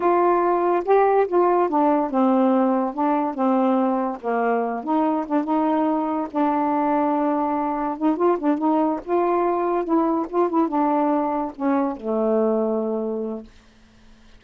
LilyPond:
\new Staff \with { instrumentName = "saxophone" } { \time 4/4 \tempo 4 = 143 f'2 g'4 f'4 | d'4 c'2 d'4 | c'2 ais4. dis'8~ | dis'8 d'8 dis'2 d'4~ |
d'2. dis'8 f'8 | d'8 dis'4 f'2 e'8~ | e'8 f'8 e'8 d'2 cis'8~ | cis'8 a2.~ a8 | }